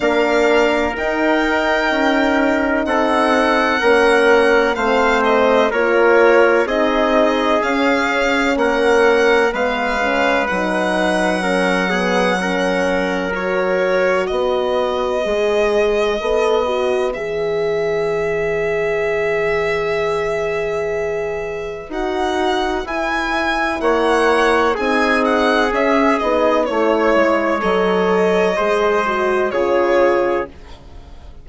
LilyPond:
<<
  \new Staff \with { instrumentName = "violin" } { \time 4/4 \tempo 4 = 63 f''4 g''2 fis''4~ | fis''4 f''8 dis''8 cis''4 dis''4 | f''4 fis''4 f''4 fis''4~ | fis''2 cis''4 dis''4~ |
dis''2 e''2~ | e''2. fis''4 | gis''4 fis''4 gis''8 fis''8 e''8 dis''8 | cis''4 dis''2 cis''4 | }
  \new Staff \with { instrumentName = "trumpet" } { \time 4/4 ais'2. a'4 | ais'4 c''4 ais'4 gis'4~ | gis'4 ais'4 b'2 | ais'8 gis'8 ais'2 b'4~ |
b'1~ | b'1~ | b'4 cis''4 gis'2 | cis''2 c''4 gis'4 | }
  \new Staff \with { instrumentName = "horn" } { \time 4/4 d'4 dis'2. | cis'4 c'4 f'4 dis'4 | cis'2 b8 cis'8 dis'4 | cis'8 b8 cis'4 fis'2 |
gis'4 a'8 fis'8 gis'2~ | gis'2. fis'4 | e'2 dis'4 cis'8 dis'8 | e'4 a'4 gis'8 fis'8 f'4 | }
  \new Staff \with { instrumentName = "bassoon" } { \time 4/4 ais4 dis'4 cis'4 c'4 | ais4 a4 ais4 c'4 | cis'4 ais4 gis4 fis4~ | fis2. b4 |
gis4 b4 e2~ | e2. dis'4 | e'4 ais4 c'4 cis'8 b8 | a8 gis8 fis4 gis4 cis4 | }
>>